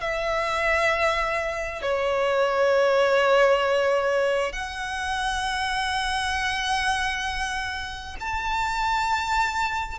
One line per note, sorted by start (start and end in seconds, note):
0.00 1.81 E5
1.81 4.52 C#5
4.52 8.16 F#5
8.19 9.98 A5